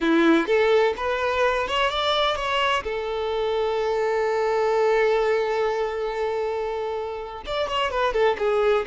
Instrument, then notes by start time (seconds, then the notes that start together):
violin
0.00 E4
0.46 A4
0.96 B4
1.67 C#5
1.90 D5
2.36 C#5
2.83 A4
7.46 D5
7.68 C#5
7.90 B4
8.13 A4
8.38 G#4